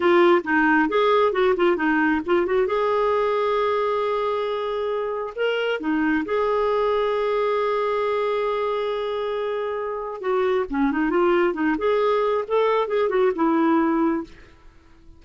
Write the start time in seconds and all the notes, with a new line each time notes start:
0.00 F4
0.44 D#4
0.88 G#4
1.32 F#4
1.56 F4
1.76 D#4
2.25 F4
2.45 F#4
2.66 G#4
5.35 A#4
5.79 D#4
6.25 G#4
10.20 F#4
10.69 C#4
10.91 D#4
11.09 F4
11.53 D#4
11.78 G#4
12.47 A4
12.87 G#4
13.09 F#4
13.35 E4